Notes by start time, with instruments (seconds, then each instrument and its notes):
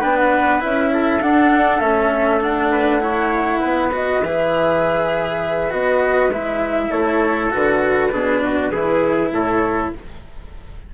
0.00 bassoon B3, cello D4, trumpet B4, flute G5
0.16 flute F#5
0.59 bassoon C#4, cello E4, flute E5
0.93 trumpet A4
1.21 cello D4, bassoon D4, flute F#5
1.79 bassoon A3, cello C#4, flute E5
2.40 cello D4, flute F#5
2.71 trumpet B4
3.00 cello E4, trumpet C#5
3.60 bassoon B3, trumpet B4
3.92 cello F#4, flute D#5
4.22 bassoon E3, cello G#4, flute E5
5.70 bassoon B3, cello F#4, flute D#5
6.29 bassoon G#3, cello E4, flute E5
6.89 bassoon A3, trumpet A4, flute C#5
7.50 bassoon D3, cello F#4, flute B4
8.11 bassoon B2, cello D4, trumpet G#4
8.44 trumpet F#4
8.71 bassoon E3, cello E4, trumpet G#4
9.31 bassoon A2, trumpet A4, flute C#5